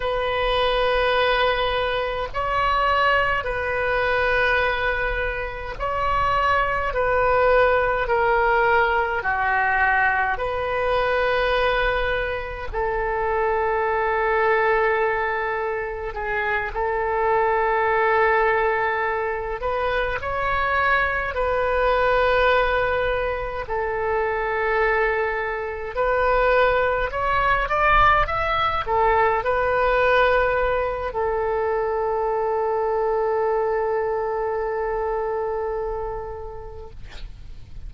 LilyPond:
\new Staff \with { instrumentName = "oboe" } { \time 4/4 \tempo 4 = 52 b'2 cis''4 b'4~ | b'4 cis''4 b'4 ais'4 | fis'4 b'2 a'4~ | a'2 gis'8 a'4.~ |
a'4 b'8 cis''4 b'4.~ | b'8 a'2 b'4 cis''8 | d''8 e''8 a'8 b'4. a'4~ | a'1 | }